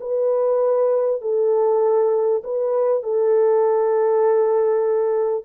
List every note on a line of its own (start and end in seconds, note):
0.00 1.21 B4
1.21 2.42 A4
2.44 3.03 B4
3.03 5.44 A4